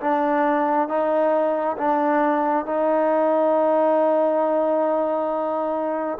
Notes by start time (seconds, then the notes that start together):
0.00 D4
0.88 D#4
1.77 D4
2.65 D#4